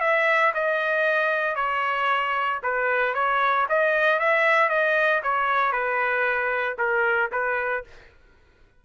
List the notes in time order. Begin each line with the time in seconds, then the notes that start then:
0.00 E5
0.54 D#5
1.55 C#5
2.63 B4
3.14 C#5
3.69 D#5
4.19 E5
4.69 D#5
5.23 C#5
5.72 B4
6.78 A#4
7.32 B4